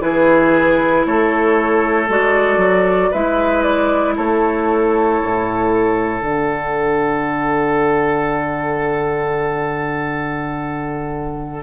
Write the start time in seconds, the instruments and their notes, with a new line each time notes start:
0.00 bassoon E3, clarinet E4, oboe G#4, flute B4
1.06 bassoon A3, oboe A4, flute C#5
2.08 bassoon G#3, clarinet F#4, flute D5
2.57 bassoon F#3
3.11 bassoon G#3, clarinet E4, oboe B4, flute E5
3.62 flute D5
4.16 bassoon A3, oboe A4, flute C#5
5.22 bassoon A2
6.21 bassoon D3, clarinet D4, flute F#5